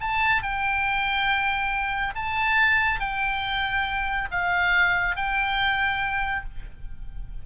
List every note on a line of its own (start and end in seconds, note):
0.00 0.42 A5
0.42 2.14 G5
2.15 3.00 A5
3.00 4.28 G5
4.31 5.16 F5
5.16 6.44 G5